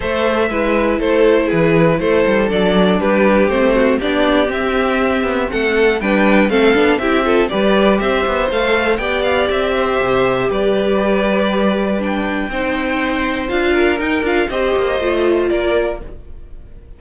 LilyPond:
<<
  \new Staff \with { instrumentName = "violin" } { \time 4/4 \tempo 4 = 120 e''2 c''4 b'4 | c''4 d''4 b'4 c''4 | d''4 e''2 fis''4 | g''4 f''4 e''4 d''4 |
e''4 f''4 g''8 f''8 e''4~ | e''4 d''2. | g''2. f''4 | g''8 f''8 dis''2 d''4 | }
  \new Staff \with { instrumentName = "violin" } { \time 4/4 c''4 b'4 a'4 gis'4 | a'2 g'4. fis'8 | g'2. a'4 | b'4 a'4 g'8 a'8 b'4 |
c''2 d''4. c''8~ | c''4 b'2.~ | b'4 c''2~ c''8 ais'8~ | ais'4 c''2 ais'4 | }
  \new Staff \with { instrumentName = "viola" } { \time 4/4 a'4 e'2.~ | e'4 d'2 c'4 | d'4 c'2. | d'4 c'8 d'8 e'8 f'8 g'4~ |
g'4 a'4 g'2~ | g'1 | d'4 dis'2 f'4 | dis'8 f'8 g'4 f'2 | }
  \new Staff \with { instrumentName = "cello" } { \time 4/4 a4 gis4 a4 e4 | a8 g8 fis4 g4 a4 | b4 c'4. b8 a4 | g4 a8 b8 c'4 g4 |
c'8 b8 a4 b4 c'4 | c4 g2.~ | g4 c'2 d'4 | dis'8 d'8 c'8 ais8 a4 ais4 | }
>>